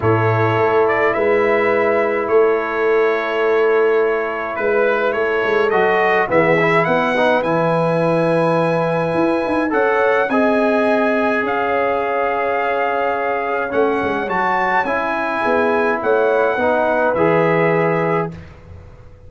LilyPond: <<
  \new Staff \with { instrumentName = "trumpet" } { \time 4/4 \tempo 4 = 105 cis''4. d''8 e''2 | cis''1 | b'4 cis''4 dis''4 e''4 | fis''4 gis''2.~ |
gis''4 fis''4 gis''2 | f''1 | fis''4 a''4 gis''2 | fis''2 e''2 | }
  \new Staff \with { instrumentName = "horn" } { \time 4/4 a'2 b'2 | a'1 | b'4 a'2 gis'4 | b'1~ |
b'4 cis''4 dis''2 | cis''1~ | cis''2. gis'4 | cis''4 b'2. | }
  \new Staff \with { instrumentName = "trombone" } { \time 4/4 e'1~ | e'1~ | e'2 fis'4 b8 e'8~ | e'8 dis'8 e'2.~ |
e'4 a'4 gis'2~ | gis'1 | cis'4 fis'4 e'2~ | e'4 dis'4 gis'2 | }
  \new Staff \with { instrumentName = "tuba" } { \time 4/4 a,4 a4 gis2 | a1 | gis4 a8 gis8 fis4 e4 | b4 e2. |
e'8 dis'8 cis'4 c'2 | cis'1 | a8 gis8 fis4 cis'4 b4 | a4 b4 e2 | }
>>